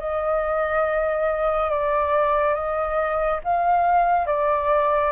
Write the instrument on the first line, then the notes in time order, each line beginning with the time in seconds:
flute
0.00 D#5
1.70 D5
2.55 D#5
3.44 F5
4.27 D5